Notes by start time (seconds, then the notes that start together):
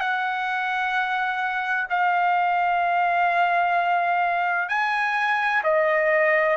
0.00 F#5
1.90 F5
4.69 G#5
5.63 D#5